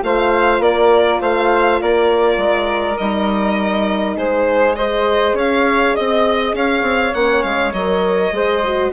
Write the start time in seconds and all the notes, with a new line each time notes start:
0.00 A3 F4 C5 F5
0.60 A#3 A#4 D5
1.21 A3 C5 F5
1.82 A#3 A#4 D5
2.38 G#3
2.98 G3 D#4 D#5
4.17 G#3 G#4 C5
4.76 G#4 C5 D#5
5.34 C#4 C#5 F5
5.96 C4 D#5
6.54 C#4 C#5 F5
6.83 C4
7.15 A#3 C#4 F#5
7.43 G#3 F5
7.73 F#3 A#4 D#5
8.32 G#3 G#4 C5
8.65 F#4